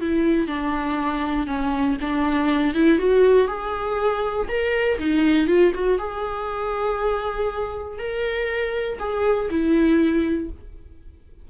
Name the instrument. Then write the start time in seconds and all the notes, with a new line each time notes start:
viola
0.00 E4
0.47 D4
1.47 C#4
2.00 D4
2.74 E4
2.98 F#4
3.47 G#4
4.48 A#4
4.98 D#4
5.47 F4
5.74 F#4
5.98 G#4
7.98 A#4
8.99 G#4
9.49 E4